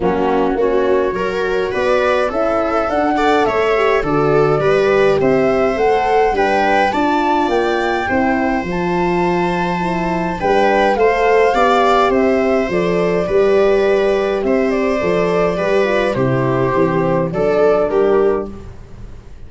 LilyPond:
<<
  \new Staff \with { instrumentName = "flute" } { \time 4/4 \tempo 4 = 104 fis'4 cis''2 d''4 | e''4 fis''4 e''4 d''4~ | d''4 e''4 fis''4 g''4 | a''4 g''2 a''4~ |
a''2 g''4 f''4~ | f''4 e''4 d''2~ | d''4 e''8 d''2~ d''8 | c''2 d''4 ais'4 | }
  \new Staff \with { instrumentName = "viola" } { \time 4/4 cis'4 fis'4 ais'4 b'4 | a'4. d''8 cis''4 a'4 | b'4 c''2 b'4 | d''2 c''2~ |
c''2 b'4 c''4 | d''4 c''2 b'4~ | b'4 c''2 b'4 | g'2 a'4 g'4 | }
  \new Staff \with { instrumentName = "horn" } { \time 4/4 ais4 cis'4 fis'2 | e'4 d'8 a'4 g'8 fis'4 | g'2 a'4 d'4 | f'2 e'4 f'4~ |
f'4 e'4 d'4 a'4 | g'2 a'4 g'4~ | g'2 a'4 g'8 f'8 | e'4 c'4 d'2 | }
  \new Staff \with { instrumentName = "tuba" } { \time 4/4 fis4 ais4 fis4 b4 | cis'4 d'4 a4 d4 | g4 c'4 a4 g4 | d'4 ais4 c'4 f4~ |
f2 g4 a4 | b4 c'4 f4 g4~ | g4 c'4 f4 g4 | c4 e4 fis4 g4 | }
>>